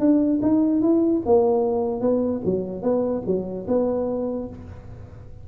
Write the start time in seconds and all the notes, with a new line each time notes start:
0.00 D4
0.42 D#4
0.82 E4
1.26 A#3
2.01 B3
2.45 F#3
2.83 B3
3.27 F#3
3.68 B3